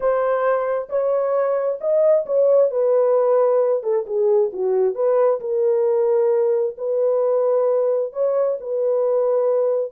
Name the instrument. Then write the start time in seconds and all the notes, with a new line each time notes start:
horn
0.00 C5
0.89 C#5
1.80 D#5
2.26 C#5
2.70 B4
3.83 A4
4.06 G#4
4.53 F#4
4.94 B4
5.40 A#4
6.77 B4
8.12 C#5
8.60 B4